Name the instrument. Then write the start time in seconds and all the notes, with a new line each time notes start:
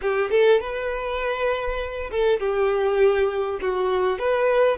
violin
0.01 G4
0.30 A4
0.60 B4
2.10 A4
2.39 G4
3.61 F#4
4.18 B4